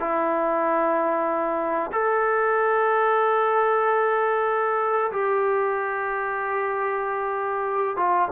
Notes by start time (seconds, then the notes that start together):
0.00 E4
1.93 A4
5.12 G4
7.97 F4